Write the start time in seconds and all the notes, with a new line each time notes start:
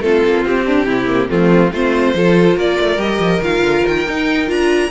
0.00 A3 C4 F4 A4
0.25 A#3
0.44 C4 G4
0.65 D4
0.86 C3 E4
1.06 A#3
1.28 F3 A3 C4 F4
1.71 A3 C4 F4 C5
2.14 F3 F4 A4
2.56 A#3 A#4 D5
2.80 A3
2.97 G3 G4 D#5
3.19 F3
3.40 D#3 F4 F5
3.62 D3
3.87 D#3 G5
4.07 D#4
4.47 D4 F4 A#5